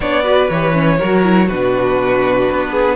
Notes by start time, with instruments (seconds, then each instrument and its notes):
0.00 cello B3, viola D4, violin C#5 D5
0.23 viola F#4, violin B4
0.50 cello E3, viola G4, violin C#5
0.73 viola C#4
0.98 cello F#3, viola F#4, violin A#4
1.23 viola E4
1.47 cello B2, viola D4, violin F#4 B4
2.51 cello B3
2.70 violin G#4